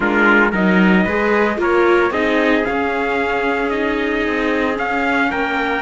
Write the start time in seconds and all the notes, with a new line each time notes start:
0.00 G#3 D4 F4 A#4
0.51 F#3 D#4 A#4 D#5
1.04 G#3 G#4 B4
1.57 A#3 F4 A#4 C#5
2.10 C4 D#4 G#4 D#5
2.63 C#4 F5
2.69 C#4
3.69 D#4 D#5
4.27 C4
4.74 C#4 F5
5.30 A#3 A#4 G5